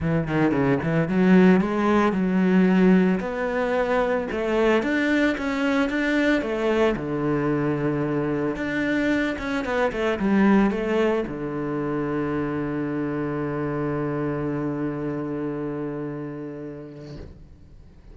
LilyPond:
\new Staff \with { instrumentName = "cello" } { \time 4/4 \tempo 4 = 112 e8 dis8 cis8 e8 fis4 gis4 | fis2 b2 | a4 d'4 cis'4 d'4 | a4 d2. |
d'4. cis'8 b8 a8 g4 | a4 d2.~ | d1~ | d1 | }